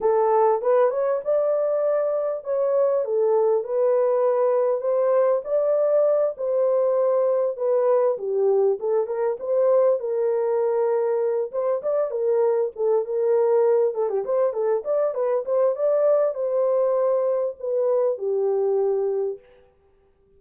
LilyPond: \new Staff \with { instrumentName = "horn" } { \time 4/4 \tempo 4 = 99 a'4 b'8 cis''8 d''2 | cis''4 a'4 b'2 | c''4 d''4. c''4.~ | c''8 b'4 g'4 a'8 ais'8 c''8~ |
c''8 ais'2~ ais'8 c''8 d''8 | ais'4 a'8 ais'4. a'16 g'16 c''8 | a'8 d''8 b'8 c''8 d''4 c''4~ | c''4 b'4 g'2 | }